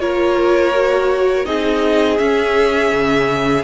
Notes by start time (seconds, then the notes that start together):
0.00 A#3 F4 A#4 C#5
0.75 F#4
1.45 C4 D#4 G#4 D#5
2.19 C#4 E5
2.92 C#3